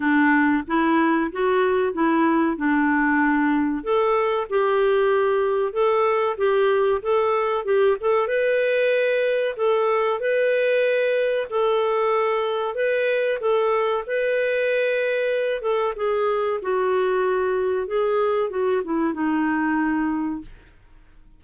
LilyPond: \new Staff \with { instrumentName = "clarinet" } { \time 4/4 \tempo 4 = 94 d'4 e'4 fis'4 e'4 | d'2 a'4 g'4~ | g'4 a'4 g'4 a'4 | g'8 a'8 b'2 a'4 |
b'2 a'2 | b'4 a'4 b'2~ | b'8 a'8 gis'4 fis'2 | gis'4 fis'8 e'8 dis'2 | }